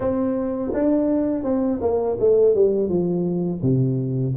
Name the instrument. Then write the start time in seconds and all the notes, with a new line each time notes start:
tuba
0.00 C4
0.73 D4
1.43 C4
1.81 A#3
2.19 A3
2.54 G3
2.88 F3
3.62 C3